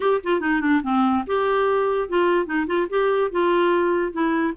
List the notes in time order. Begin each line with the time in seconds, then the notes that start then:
0.00 G4
0.23 F4
0.40 D#4
0.61 D4
0.83 C4
1.26 G4
2.08 F4
2.45 D#4
2.66 F4
2.89 G4
3.31 F4
4.12 E4